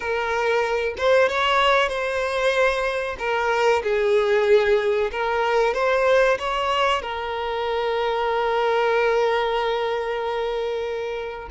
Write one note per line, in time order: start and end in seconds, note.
0.00 0.94 A#4
0.97 1.29 C5
1.29 1.88 C#5
1.88 3.16 C5
3.18 3.82 A#4
3.83 5.10 G#4
5.11 5.74 A#4
5.74 6.37 C5
6.38 7.02 C#5
7.02 11.49 A#4